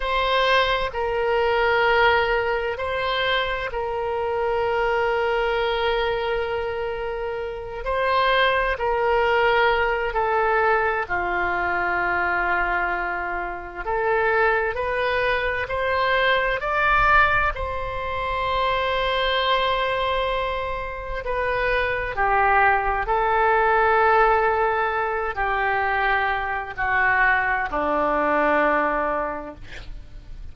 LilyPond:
\new Staff \with { instrumentName = "oboe" } { \time 4/4 \tempo 4 = 65 c''4 ais'2 c''4 | ais'1~ | ais'8 c''4 ais'4. a'4 | f'2. a'4 |
b'4 c''4 d''4 c''4~ | c''2. b'4 | g'4 a'2~ a'8 g'8~ | g'4 fis'4 d'2 | }